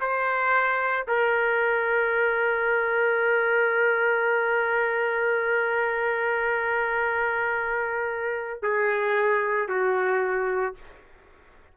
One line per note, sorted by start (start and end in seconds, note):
0.00 1.06 C5
1.07 8.62 A#4
8.62 9.68 G#4
9.68 10.74 F#4